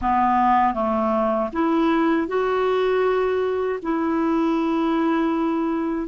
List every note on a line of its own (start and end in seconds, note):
0.01 0.74 B3
0.74 1.50 A3
1.53 2.27 E4
2.27 3.79 F#4
3.82 6.08 E4